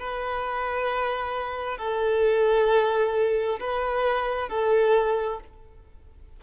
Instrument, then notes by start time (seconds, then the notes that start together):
violin
0.00 B4
1.78 A4
3.60 B4
4.49 A4